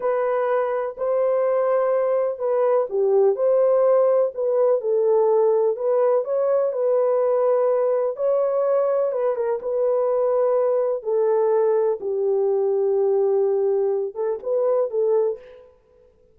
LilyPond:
\new Staff \with { instrumentName = "horn" } { \time 4/4 \tempo 4 = 125 b'2 c''2~ | c''4 b'4 g'4 c''4~ | c''4 b'4 a'2 | b'4 cis''4 b'2~ |
b'4 cis''2 b'8 ais'8 | b'2. a'4~ | a'4 g'2.~ | g'4. a'8 b'4 a'4 | }